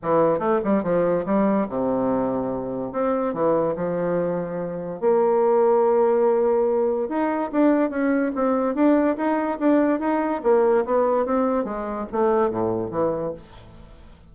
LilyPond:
\new Staff \with { instrumentName = "bassoon" } { \time 4/4 \tempo 4 = 144 e4 a8 g8 f4 g4 | c2. c'4 | e4 f2. | ais1~ |
ais4 dis'4 d'4 cis'4 | c'4 d'4 dis'4 d'4 | dis'4 ais4 b4 c'4 | gis4 a4 a,4 e4 | }